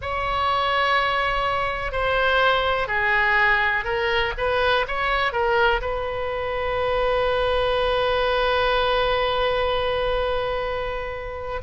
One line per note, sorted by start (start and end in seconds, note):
0.01 1.92 C#5
1.92 2.87 C5
2.87 3.84 G#4
3.84 4.32 A#4
4.37 4.86 B4
4.87 5.32 C#5
5.32 5.81 A#4
5.81 11.61 B4